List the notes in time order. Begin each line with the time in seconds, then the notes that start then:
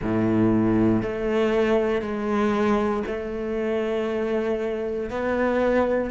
0.01 A2
1.02 A3
2.01 G#3
3.06 A3
5.09 B3